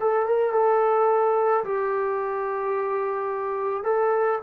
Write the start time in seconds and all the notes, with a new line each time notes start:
0.00 A4
0.26 A#4
0.53 A4
1.64 G4
3.83 A4